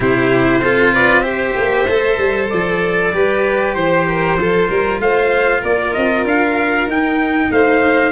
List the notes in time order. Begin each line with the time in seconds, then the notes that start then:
0.00 C3 E4 G4 C5
0.60 C4 F4 A4
0.93 B4 D5
1.20 G4 C5 E5
1.55 A#3
1.88 A3 A4
2.18 G3
2.49 F3 D5
3.13 G3 G4 B4
3.74 E3 C5
4.08 A#4
4.35 F3 F4 A4
4.69 G3 A#4
4.99 A3 C5 F5
5.60 A#3 A#4 D5
5.93 C4 D#5
6.24 D4 F5
6.86 D#4 G5
7.50 A3 C5 F5